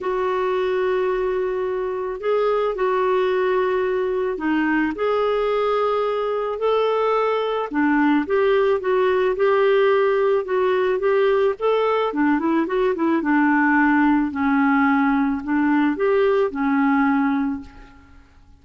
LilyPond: \new Staff \with { instrumentName = "clarinet" } { \time 4/4 \tempo 4 = 109 fis'1 | gis'4 fis'2. | dis'4 gis'2. | a'2 d'4 g'4 |
fis'4 g'2 fis'4 | g'4 a'4 d'8 e'8 fis'8 e'8 | d'2 cis'2 | d'4 g'4 cis'2 | }